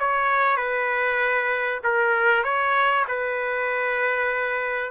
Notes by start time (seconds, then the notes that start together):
0.00 C#5
0.57 B4
1.84 A#4
2.44 C#5
3.08 B4